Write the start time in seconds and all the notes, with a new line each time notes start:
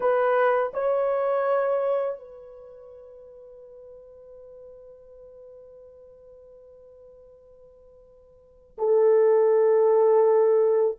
0.00 B4
0.73 C#5
2.19 B4
8.78 A4